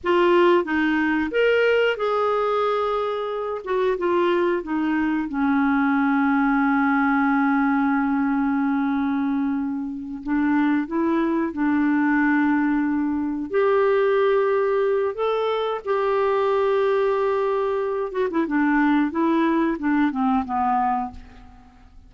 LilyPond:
\new Staff \with { instrumentName = "clarinet" } { \time 4/4 \tempo 4 = 91 f'4 dis'4 ais'4 gis'4~ | gis'4. fis'8 f'4 dis'4 | cis'1~ | cis'2.~ cis'8 d'8~ |
d'8 e'4 d'2~ d'8~ | d'8 g'2~ g'8 a'4 | g'2.~ g'8 fis'16 e'16 | d'4 e'4 d'8 c'8 b4 | }